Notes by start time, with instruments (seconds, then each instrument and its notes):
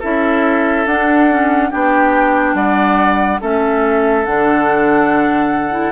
0.00 bassoon C#4, clarinet E4, oboe A4, flute E5
0.86 bassoon D4, clarinet D4, flute F#5
1.30 clarinet C#4
1.71 bassoon B3, clarinet D4, oboe G4, flute G5
2.54 bassoon G3, oboe D5, flute F#5
3.41 bassoon A3, clarinet C#4, oboe A4, flute E5
4.26 bassoon D3, clarinet D4, flute F#5
5.71 clarinet E4